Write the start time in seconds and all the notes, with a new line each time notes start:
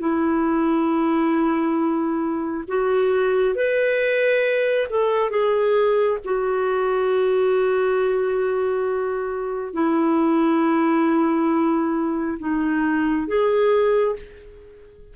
0.00 E4
2.68 F#4
3.56 B4
4.91 A4
5.31 G#4
6.25 F#4
9.74 E4
12.40 D#4
13.28 G#4